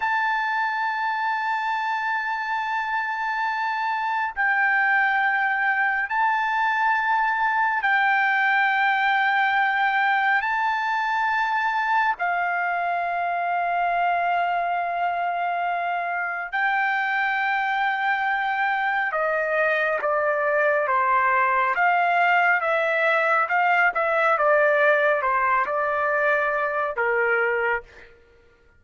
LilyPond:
\new Staff \with { instrumentName = "trumpet" } { \time 4/4 \tempo 4 = 69 a''1~ | a''4 g''2 a''4~ | a''4 g''2. | a''2 f''2~ |
f''2. g''4~ | g''2 dis''4 d''4 | c''4 f''4 e''4 f''8 e''8 | d''4 c''8 d''4. ais'4 | }